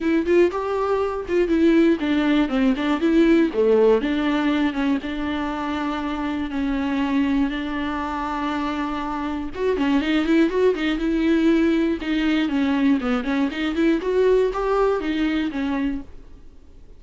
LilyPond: \new Staff \with { instrumentName = "viola" } { \time 4/4 \tempo 4 = 120 e'8 f'8 g'4. f'8 e'4 | d'4 c'8 d'8 e'4 a4 | d'4. cis'8 d'2~ | d'4 cis'2 d'4~ |
d'2. fis'8 cis'8 | dis'8 e'8 fis'8 dis'8 e'2 | dis'4 cis'4 b8 cis'8 dis'8 e'8 | fis'4 g'4 dis'4 cis'4 | }